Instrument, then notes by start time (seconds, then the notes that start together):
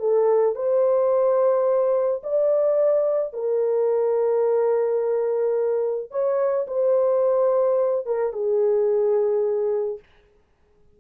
horn
0.00 A4
0.56 C5
2.23 D5
3.34 A#4
6.11 C#5
6.67 C5
8.06 A#4
8.33 G#4